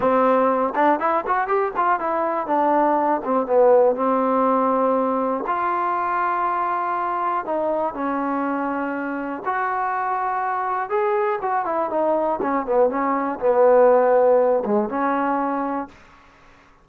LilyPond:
\new Staff \with { instrumentName = "trombone" } { \time 4/4 \tempo 4 = 121 c'4. d'8 e'8 fis'8 g'8 f'8 | e'4 d'4. c'8 b4 | c'2. f'4~ | f'2. dis'4 |
cis'2. fis'4~ | fis'2 gis'4 fis'8 e'8 | dis'4 cis'8 b8 cis'4 b4~ | b4. gis8 cis'2 | }